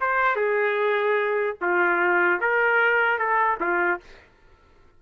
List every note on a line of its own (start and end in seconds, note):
0.00 0.36 C5
0.36 1.56 G#4
1.61 2.40 F4
2.40 3.18 A#4
3.18 3.58 A4
3.60 4.00 F4